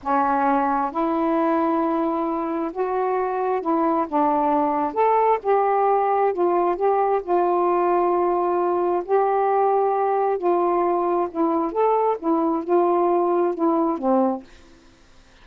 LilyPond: \new Staff \with { instrumentName = "saxophone" } { \time 4/4 \tempo 4 = 133 cis'2 e'2~ | e'2 fis'2 | e'4 d'2 a'4 | g'2 f'4 g'4 |
f'1 | g'2. f'4~ | f'4 e'4 a'4 e'4 | f'2 e'4 c'4 | }